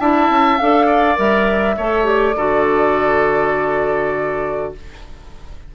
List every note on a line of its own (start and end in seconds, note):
0.00 0.30 D4
0.00 0.60 E4
0.00 0.87 E5
0.00 0.58 A5
0.30 0.59 C#4
0.58 1.18 D4
0.58 1.16 A4
0.58 1.18 F5
0.87 1.76 D5
1.16 1.77 G3
1.16 1.75 A#4
1.16 2.07 E5
1.77 2.36 A3
1.77 2.04 A4
1.77 2.36 C#5
2.04 2.34 G4
2.04 4.74 D5
2.36 4.74 D3
2.36 4.75 F#4
2.36 4.74 A4